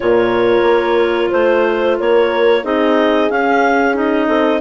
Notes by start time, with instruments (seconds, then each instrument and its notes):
0.00 bassoon A#2, clarinet F4 C#5, horn A#4
0.62 bassoon A#3
1.30 bassoon A3, horn C5, clarinet C5
1.99 bassoon A#3, horn A#4, clarinet C#5
2.63 bassoon C4, clarinet D#4 D#5, horn G#4
3.29 clarinet C#4 F5, bassoon C#4
3.94 clarinet D#4 D#5
4.27 bassoon C4, horn A4